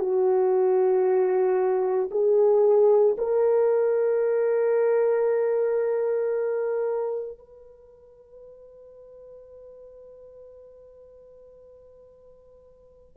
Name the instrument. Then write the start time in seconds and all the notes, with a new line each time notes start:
horn
0.00 F#4
2.11 G#4
3.18 A#4
7.38 B4